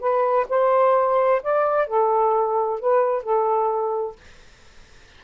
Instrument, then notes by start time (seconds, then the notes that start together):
saxophone
0.00 B4
0.49 C5
1.43 D5
1.87 A4
2.79 B4
3.23 A4